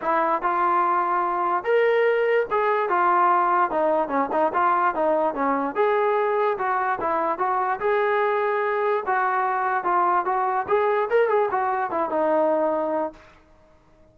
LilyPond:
\new Staff \with { instrumentName = "trombone" } { \time 4/4 \tempo 4 = 146 e'4 f'2. | ais'2 gis'4 f'4~ | f'4 dis'4 cis'8 dis'8 f'4 | dis'4 cis'4 gis'2 |
fis'4 e'4 fis'4 gis'4~ | gis'2 fis'2 | f'4 fis'4 gis'4 ais'8 gis'8 | fis'4 e'8 dis'2~ dis'8 | }